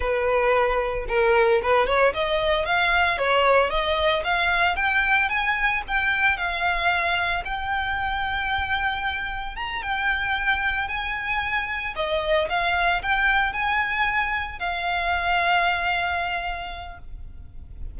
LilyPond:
\new Staff \with { instrumentName = "violin" } { \time 4/4 \tempo 4 = 113 b'2 ais'4 b'8 cis''8 | dis''4 f''4 cis''4 dis''4 | f''4 g''4 gis''4 g''4 | f''2 g''2~ |
g''2 ais''8 g''4.~ | g''8 gis''2 dis''4 f''8~ | f''8 g''4 gis''2 f''8~ | f''1 | }